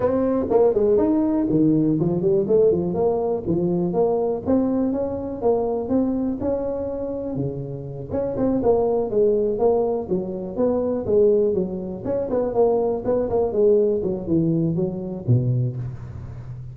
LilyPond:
\new Staff \with { instrumentName = "tuba" } { \time 4/4 \tempo 4 = 122 c'4 ais8 gis8 dis'4 dis4 | f8 g8 a8 f8 ais4 f4 | ais4 c'4 cis'4 ais4 | c'4 cis'2 cis4~ |
cis8 cis'8 c'8 ais4 gis4 ais8~ | ais8 fis4 b4 gis4 fis8~ | fis8 cis'8 b8 ais4 b8 ais8 gis8~ | gis8 fis8 e4 fis4 b,4 | }